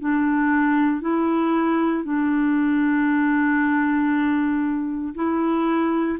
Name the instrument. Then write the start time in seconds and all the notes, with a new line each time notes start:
clarinet
0.00 D4
1.01 E4
2.04 D4
5.15 E4